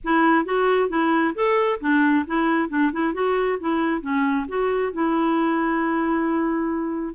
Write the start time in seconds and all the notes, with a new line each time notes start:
0.03 E4
0.45 F#4
0.89 E4
1.34 A4
1.80 D4
2.26 E4
2.69 D4
2.92 E4
3.13 F#4
3.60 E4
4.01 C#4
4.48 F#4
4.92 E4